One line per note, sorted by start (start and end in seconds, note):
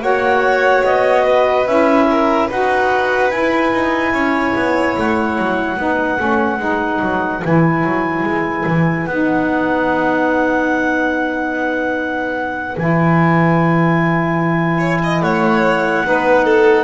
0.00 0.82 A#3
0.00 1.65 F#4
0.00 1.23 C#5
0.00 0.85 F#5
0.84 1.66 B3
0.84 1.66 D#5
1.23 2.05 B4
1.66 2.48 C#4
1.66 2.49 E4
1.66 2.49 E5
2.11 2.48 A#4
2.48 3.31 D#4
2.48 3.30 F#4
2.48 4.12 B4
2.48 3.31 F#5
3.30 5.76 E4
3.30 3.72 E4
3.30 4.95 G#5
3.73 4.13 D#4
4.13 4.54 C#4
4.13 5.77 C#5
4.55 4.96 B3
4.97 5.38 A3
4.97 7.45 F#5
5.38 5.77 F#3
5.77 6.18 B3
5.77 6.17 D#4
5.77 14.78 B4
6.17 6.59 A3
6.17 6.58 C#4
6.59 7.00 G#3
6.59 7.41 D#4
7.01 7.42 F#3
7.44 7.84 E3
7.44 9.08 E4
7.44 9.07 G#5
7.84 8.23 F#3
8.23 8.64 G#3
8.66 9.07 E3
9.07 12.76 B3
9.07 12.77 D#4
9.07 12.77 F#5
12.77 15.22 E3
12.77 16.04 E4
12.77 15.22 G#5
14.78 14.99 C#5
15.03 15.23 D#5
15.22 16.04 A3
15.22 16.06 C#5
15.22 16.84 F#5
16.04 16.84 B3
16.04 16.84 D#4
16.04 16.44 B4
16.44 16.84 A4